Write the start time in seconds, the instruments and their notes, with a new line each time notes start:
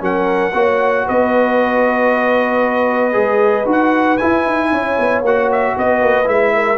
0.00 tuba F#3, trombone C#4, horn A#4, trumpet F#5
0.53 tuba A#3, trombone F#4, horn C#5
1.06 tuba B3, horn B4, trumpet D#5
3.12 tuba G#3, trombone G#4
3.66 tuba D#4, trombone F#4
3.72 trumpet F#5
4.17 trombone E4, tuba E4, trumpet G#5
4.46 tuba D#4
4.72 tuba C#4, horn C#5
4.99 tuba B3
5.21 tuba A#3, trombone F#4, trumpet F#5
5.52 trumpet E5
5.77 tuba B3, horn B4, trumpet D#5
6.01 tuba A#3
6.25 tuba G#3, trombone E4, trumpet E5
6.55 horn A#4